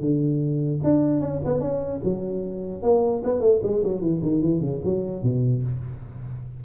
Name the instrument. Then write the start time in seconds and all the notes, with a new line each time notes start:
tuba
0.00 D3
0.83 D4
1.20 C#4
1.44 B3
1.60 C#4
2.03 F#3
2.82 A#3
3.24 B3
3.40 A3
3.62 G#3
3.84 F#3
4.01 E3
4.22 D#3
4.41 E3
4.60 C#3
4.84 F#3
5.23 B2